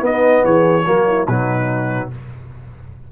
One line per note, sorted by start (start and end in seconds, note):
0.00 0.82 B3
0.00 0.43 B3
0.00 0.44 D#4
0.00 0.45 D#5
0.44 0.85 E3
0.44 0.85 G#4
0.44 1.27 C#5
0.86 1.27 F#3
0.86 1.27 A#3
0.86 1.07 F#4
1.08 1.28 E4
1.27 2.09 B2
1.27 2.11 F#3
1.27 2.10 D#4
1.27 2.09 B4